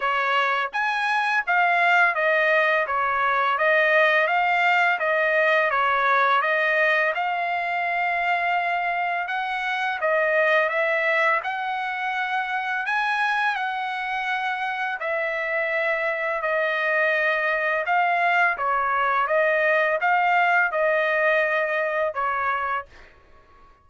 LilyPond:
\new Staff \with { instrumentName = "trumpet" } { \time 4/4 \tempo 4 = 84 cis''4 gis''4 f''4 dis''4 | cis''4 dis''4 f''4 dis''4 | cis''4 dis''4 f''2~ | f''4 fis''4 dis''4 e''4 |
fis''2 gis''4 fis''4~ | fis''4 e''2 dis''4~ | dis''4 f''4 cis''4 dis''4 | f''4 dis''2 cis''4 | }